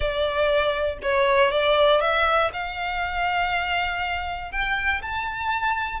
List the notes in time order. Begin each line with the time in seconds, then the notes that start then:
0.00 D5
1.02 C#5
1.51 D5
2.00 E5
2.53 F5
4.51 G5
5.02 A5